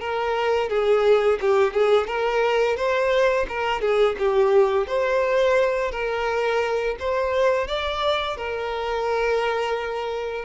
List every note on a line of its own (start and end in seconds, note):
0.00 0.69 A#4
0.69 1.39 G#4
1.41 1.73 G4
1.73 2.07 G#4
2.07 2.77 A#4
2.77 3.47 C5
3.49 3.81 A#4
3.81 4.16 G#4
4.19 4.87 G4
4.87 5.91 C5
5.91 6.96 A#4
7.00 7.67 C5
7.67 8.37 D5
8.37 10.45 A#4